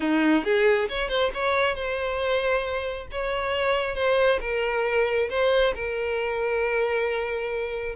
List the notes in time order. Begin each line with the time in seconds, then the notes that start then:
0.00 D#4
0.44 G#4
0.88 C#5
1.08 C5
1.34 C#5
1.75 C5
3.11 C#5
3.95 C5
4.40 A#4
5.29 C5
5.74 A#4